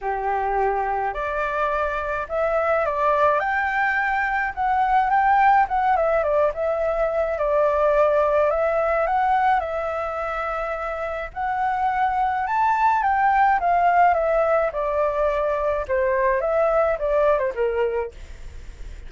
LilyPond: \new Staff \with { instrumentName = "flute" } { \time 4/4 \tempo 4 = 106 g'2 d''2 | e''4 d''4 g''2 | fis''4 g''4 fis''8 e''8 d''8 e''8~ | e''4 d''2 e''4 |
fis''4 e''2. | fis''2 a''4 g''4 | f''4 e''4 d''2 | c''4 e''4 d''8. c''16 ais'4 | }